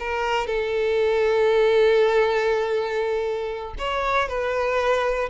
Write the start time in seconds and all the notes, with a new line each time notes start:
0.00 A#4
0.47 A4
3.79 C#5
4.29 B4